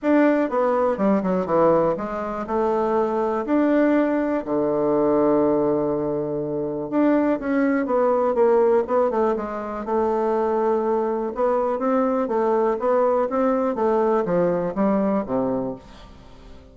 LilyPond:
\new Staff \with { instrumentName = "bassoon" } { \time 4/4 \tempo 4 = 122 d'4 b4 g8 fis8 e4 | gis4 a2 d'4~ | d'4 d2.~ | d2 d'4 cis'4 |
b4 ais4 b8 a8 gis4 | a2. b4 | c'4 a4 b4 c'4 | a4 f4 g4 c4 | }